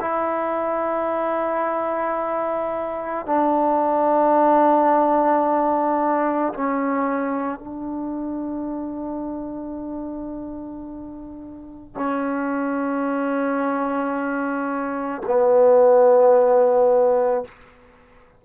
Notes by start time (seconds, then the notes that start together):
0.00 E4
3.25 D4
6.53 C#4
7.59 D4
11.95 C#4
15.26 B3